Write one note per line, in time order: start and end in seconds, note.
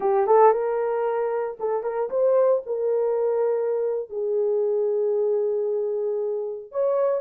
0.00 0.26 G4
0.26 0.52 A4
0.52 1.57 A#4
1.59 1.83 A4
1.83 2.09 A#4
2.09 2.62 C5
2.66 4.09 A#4
4.09 6.71 G#4
6.71 7.21 C#5